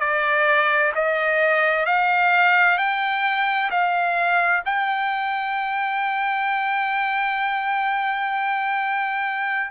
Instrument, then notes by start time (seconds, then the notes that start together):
trumpet
0.00 D5
0.95 D#5
1.86 F5
2.78 G5
3.70 F5
4.65 G5